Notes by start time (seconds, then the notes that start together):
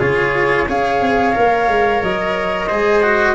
0.00 C#3 F4 G#4 C#5
0.68 C#4 G#4 C#5 F5
1.01 C4
1.33 A#3 A#4
1.69 G#3
2.03 F#3 D#5
2.68 G#3 G#4 C5
3.03 F#4